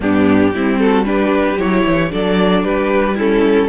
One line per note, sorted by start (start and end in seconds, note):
0.00 0.52 G2
0.00 0.53 B3
0.00 0.54 D4
0.00 0.78 G4
0.54 1.57 G3
0.54 1.05 C4
0.54 0.80 E4
0.78 1.07 F#4
0.78 1.05 A4
1.05 1.57 D4
1.05 2.12 G4
1.05 1.58 B4
1.57 1.83 F#3
1.57 2.09 E4
1.57 2.11 C#5
1.85 2.11 E3
2.09 2.64 F#3
2.09 3.15 D4
2.09 2.63 A4
2.09 2.64 D5
2.63 3.68 G3
2.63 3.14 G4
2.63 3.17 B4
3.14 3.68 C#4
3.14 3.67 E4
3.14 3.68 A4